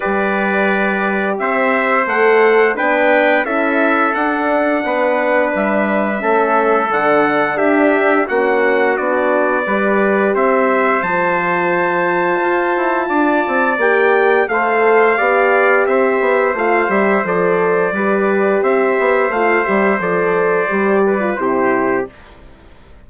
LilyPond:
<<
  \new Staff \with { instrumentName = "trumpet" } { \time 4/4 \tempo 4 = 87 d''2 e''4 fis''4 | g''4 e''4 fis''2 | e''2 fis''4 e''4 | fis''4 d''2 e''4 |
a''1 | g''4 f''2 e''4 | f''8 e''8 d''2 e''4 | f''8 e''8 d''2 c''4 | }
  \new Staff \with { instrumentName = "trumpet" } { \time 4/4 b'2 c''2 | b'4 a'2 b'4~ | b'4 a'2 g'4 | fis'2 b'4 c''4~ |
c''2. d''4~ | d''4 c''4 d''4 c''4~ | c''2 b'4 c''4~ | c''2~ c''8 b'8 g'4 | }
  \new Staff \with { instrumentName = "horn" } { \time 4/4 g'2. a'4 | d'4 e'4 d'2~ | d'4 cis'4 d'2 | cis'4 d'4 g'2 |
f'1 | g'4 a'4 g'2 | f'8 g'8 a'4 g'2 | f'8 g'8 a'4 g'8. f'16 e'4 | }
  \new Staff \with { instrumentName = "bassoon" } { \time 4/4 g2 c'4 a4 | b4 cis'4 d'4 b4 | g4 a4 d4 d'4 | ais4 b4 g4 c'4 |
f2 f'8 e'8 d'8 c'8 | ais4 a4 b4 c'8 b8 | a8 g8 f4 g4 c'8 b8 | a8 g8 f4 g4 c4 | }
>>